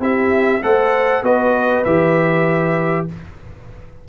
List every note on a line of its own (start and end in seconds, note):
0.00 0.61 C4
0.00 0.62 E4
0.00 0.62 G4
0.00 0.63 E5
0.63 1.23 A3
0.63 1.24 A4
0.63 1.24 C5
0.63 1.24 F#5
1.23 1.84 B3
1.23 1.85 F#4
1.23 3.08 B4
1.23 1.84 D#5
1.84 3.08 E3
1.84 3.09 G4
1.84 3.07 E5